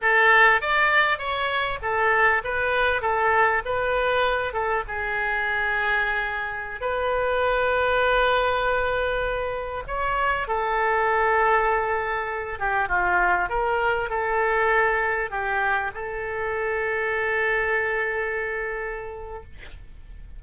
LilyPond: \new Staff \with { instrumentName = "oboe" } { \time 4/4 \tempo 4 = 99 a'4 d''4 cis''4 a'4 | b'4 a'4 b'4. a'8 | gis'2.~ gis'16 b'8.~ | b'1~ |
b'16 cis''4 a'2~ a'8.~ | a'8. g'8 f'4 ais'4 a'8.~ | a'4~ a'16 g'4 a'4.~ a'16~ | a'1 | }